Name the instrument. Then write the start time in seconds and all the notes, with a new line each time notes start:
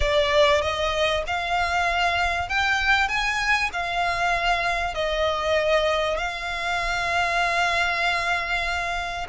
violin
0.00 D5
0.61 D#5
1.26 F5
2.49 G5
3.08 G#5
3.73 F5
4.94 D#5
6.17 F5